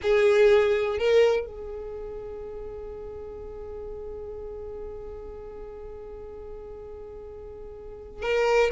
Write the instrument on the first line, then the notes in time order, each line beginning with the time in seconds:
violin
0.02 G#4
0.98 A#4
1.46 G#4
8.22 A#4